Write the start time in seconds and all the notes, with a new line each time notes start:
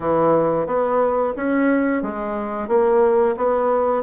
0.00 E3
0.66 B3
1.36 C#4
2.02 G#3
2.68 A#3
3.36 B3